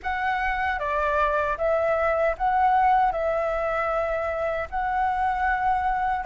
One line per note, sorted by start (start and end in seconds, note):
0.02 0.79 F#5
0.79 1.57 D5
1.57 2.35 E5
2.37 3.12 F#5
3.12 4.68 E5
4.70 6.25 F#5